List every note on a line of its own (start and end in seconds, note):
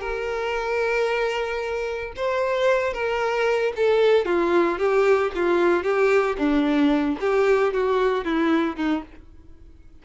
0.00 2.12 A#4
2.16 2.93 C5
2.93 3.72 A#4
3.76 4.25 A4
4.25 4.78 F4
4.78 5.31 G4
5.35 5.83 F4
5.83 6.36 G4
6.38 7.17 D4
7.20 7.73 G4
7.73 8.24 F#4
8.24 8.76 E4
8.76 9.02 D#4